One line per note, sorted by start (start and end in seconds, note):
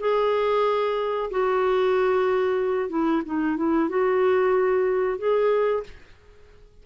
0.00 1.30 G#4
1.31 2.90 F#4
2.90 3.22 E4
3.25 3.57 D#4
3.57 3.89 E4
3.89 5.18 F#4
5.18 5.84 G#4